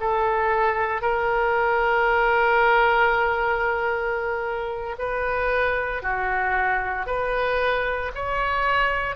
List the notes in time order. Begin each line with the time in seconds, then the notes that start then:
0.00 A4
1.01 A#4
4.99 B4
6.02 F#4
7.06 B4
8.15 C#5